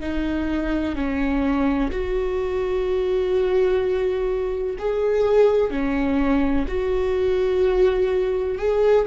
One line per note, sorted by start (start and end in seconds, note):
0.00 0.95 D#4
0.96 1.91 C#4
1.91 4.77 F#4
4.78 5.71 G#4
5.71 6.66 C#4
6.68 8.58 F#4
8.58 9.06 G#4